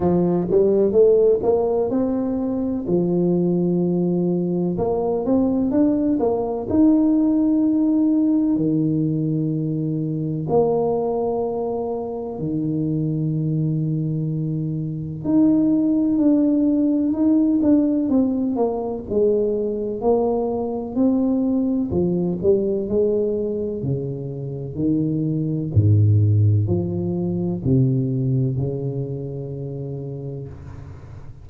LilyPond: \new Staff \with { instrumentName = "tuba" } { \time 4/4 \tempo 4 = 63 f8 g8 a8 ais8 c'4 f4~ | f4 ais8 c'8 d'8 ais8 dis'4~ | dis'4 dis2 ais4~ | ais4 dis2. |
dis'4 d'4 dis'8 d'8 c'8 ais8 | gis4 ais4 c'4 f8 g8 | gis4 cis4 dis4 gis,4 | f4 c4 cis2 | }